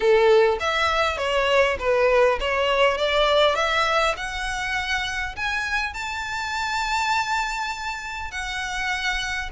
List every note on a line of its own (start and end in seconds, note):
0.00 0.58 A4
0.59 1.17 E5
1.17 1.77 C#5
1.79 2.38 B4
2.40 2.97 C#5
2.97 3.55 D5
3.55 4.14 E5
4.16 5.35 F#5
5.35 5.93 G#5
5.93 8.31 A5
8.31 9.50 F#5